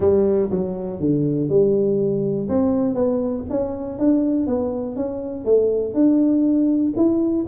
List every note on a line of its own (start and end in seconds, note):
0.00 0.50 G3
0.50 1.00 F#3
1.00 1.49 D3
1.49 2.48 G3
2.48 2.94 C4
2.94 3.44 B3
3.50 3.98 C#4
3.98 4.46 D4
4.46 4.95 B3
4.95 5.44 C#4
5.44 5.93 A3
5.93 6.93 D4
6.96 7.46 E4